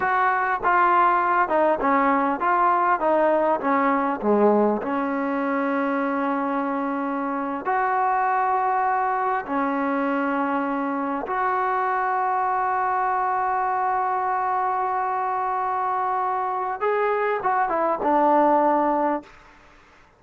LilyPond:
\new Staff \with { instrumentName = "trombone" } { \time 4/4 \tempo 4 = 100 fis'4 f'4. dis'8 cis'4 | f'4 dis'4 cis'4 gis4 | cis'1~ | cis'8. fis'2. cis'16~ |
cis'2~ cis'8. fis'4~ fis'16~ | fis'1~ | fis'1 | gis'4 fis'8 e'8 d'2 | }